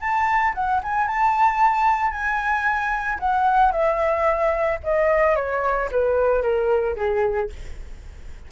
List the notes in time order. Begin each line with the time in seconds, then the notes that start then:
0.00 A5
0.54 F#5
0.83 G#5
1.07 A5
2.11 G#5
3.19 F#5
3.72 E5
4.83 D#5
5.36 C#5
5.91 B4
6.42 A#4
6.96 G#4